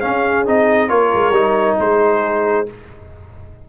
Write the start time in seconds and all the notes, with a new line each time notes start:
0.00 C#4 G#4 F5
0.46 C4 D#4 D#5
0.88 A#3 F4 A#4 C#5
1.14 G#3
1.30 G3 D#4
1.79 G#3 G#4 C5